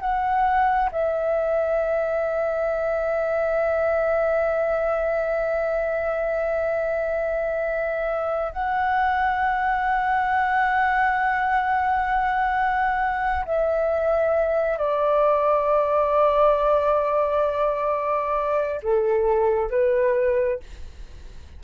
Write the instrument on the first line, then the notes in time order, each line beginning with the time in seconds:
flute
0.00 F#5
0.92 E5
8.52 F#5
13.45 E5
14.78 D5
18.82 A4
19.70 B4